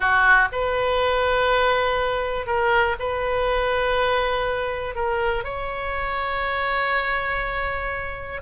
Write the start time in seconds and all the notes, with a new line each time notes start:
0.00 F#4
0.51 B4
2.46 A#4
2.99 B4
4.95 A#4
5.44 C#5